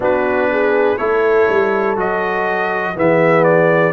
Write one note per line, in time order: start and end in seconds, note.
0.00 0.98 B3
0.00 0.98 D4
0.00 0.50 F#4
0.00 0.97 B4
0.51 0.97 G#4
0.97 1.48 A3
0.97 1.96 E4
0.97 2.94 A4
0.97 1.96 C#5
1.49 1.96 G3
1.96 2.95 F#3
1.96 2.94 F#4
1.96 2.98 D#5
2.95 3.92 E3
2.95 3.92 B3
2.95 3.92 G#4
2.95 3.43 E5
3.43 3.92 D5